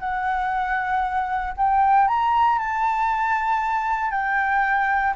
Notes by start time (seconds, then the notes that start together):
0.00 F#5
1.58 G5
2.08 A#5
2.59 A5
4.12 G5